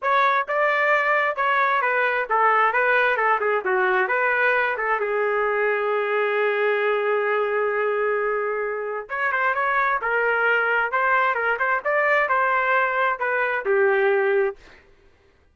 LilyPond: \new Staff \with { instrumentName = "trumpet" } { \time 4/4 \tempo 4 = 132 cis''4 d''2 cis''4 | b'4 a'4 b'4 a'8 gis'8 | fis'4 b'4. a'8 gis'4~ | gis'1~ |
gis'1 | cis''8 c''8 cis''4 ais'2 | c''4 ais'8 c''8 d''4 c''4~ | c''4 b'4 g'2 | }